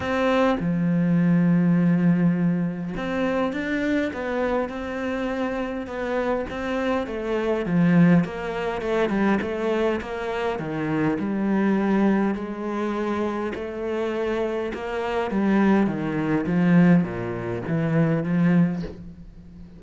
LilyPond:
\new Staff \with { instrumentName = "cello" } { \time 4/4 \tempo 4 = 102 c'4 f2.~ | f4 c'4 d'4 b4 | c'2 b4 c'4 | a4 f4 ais4 a8 g8 |
a4 ais4 dis4 g4~ | g4 gis2 a4~ | a4 ais4 g4 dis4 | f4 ais,4 e4 f4 | }